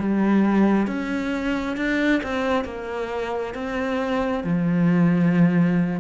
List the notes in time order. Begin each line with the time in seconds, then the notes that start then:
0.00 G3
0.88 C#4
1.77 D4
2.23 C4
2.65 A#3
3.55 C4
4.45 F3